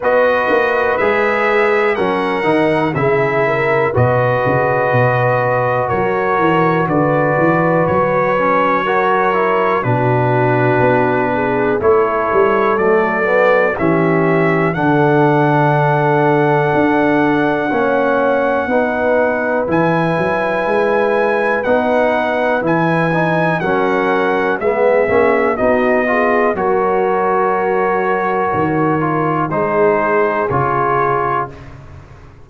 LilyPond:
<<
  \new Staff \with { instrumentName = "trumpet" } { \time 4/4 \tempo 4 = 61 dis''4 e''4 fis''4 e''4 | dis''2 cis''4 d''4 | cis''2 b'2 | cis''4 d''4 e''4 fis''4~ |
fis''1 | gis''2 fis''4 gis''4 | fis''4 e''4 dis''4 cis''4~ | cis''2 c''4 cis''4 | }
  \new Staff \with { instrumentName = "horn" } { \time 4/4 b'2 ais'4 gis'8 ais'8 | b'2 ais'4 b'4~ | b'4 ais'4 fis'4. gis'8 | a'2 g'4 a'4~ |
a'2 cis''4 b'4~ | b'1 | ais'4 gis'4 fis'8 gis'8 ais'4~ | ais'2 gis'2 | }
  \new Staff \with { instrumentName = "trombone" } { \time 4/4 fis'4 gis'4 cis'8 dis'8 e'4 | fis'1~ | fis'8 cis'8 fis'8 e'8 d'2 | e'4 a8 b8 cis'4 d'4~ |
d'2 cis'4 dis'4 | e'2 dis'4 e'8 dis'8 | cis'4 b8 cis'8 dis'8 f'8 fis'4~ | fis'4. f'8 dis'4 f'4 | }
  \new Staff \with { instrumentName = "tuba" } { \time 4/4 b8 ais8 gis4 fis8 dis8 cis4 | b,8 cis8 b,4 fis8 e8 d8 e8 | fis2 b,4 b4 | a8 g8 fis4 e4 d4~ |
d4 d'4 ais4 b4 | e8 fis8 gis4 b4 e4 | fis4 gis8 ais8 b4 fis4~ | fis4 dis4 gis4 cis4 | }
>>